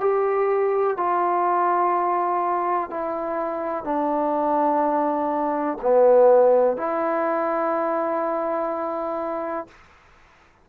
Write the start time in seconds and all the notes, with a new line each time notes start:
0.00 G4
0.96 F4
2.90 E4
3.84 D4
5.81 B3
6.77 E4